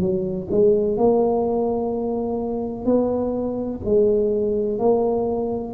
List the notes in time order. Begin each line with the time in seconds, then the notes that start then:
0.00 F#3
0.51 G#3
0.97 A#3
2.85 B3
3.84 G#3
4.78 A#3